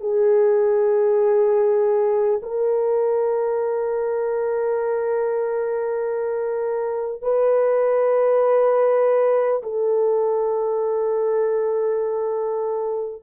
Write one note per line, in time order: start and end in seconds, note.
0.00 2.40 G#4
2.42 7.22 A#4
7.22 9.62 B4
9.63 13.22 A4